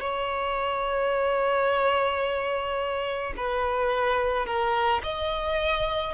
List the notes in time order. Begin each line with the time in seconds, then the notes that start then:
0.00 C#5
3.37 B4
4.46 A#4
5.03 D#5